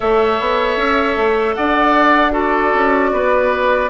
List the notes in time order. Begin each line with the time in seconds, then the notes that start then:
0.00 A3 A4 C#5 E5
0.40 B3
0.76 C#4
1.16 A3
1.54 D4 D5 F#5
2.31 F#4 A4
2.37 D5
2.74 C#4
3.12 B3 B4